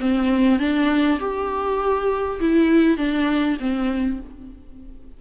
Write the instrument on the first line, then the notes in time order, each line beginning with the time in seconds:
viola
0.00 C4
0.60 D4
1.20 G4
2.41 E4
2.98 D4
3.60 C4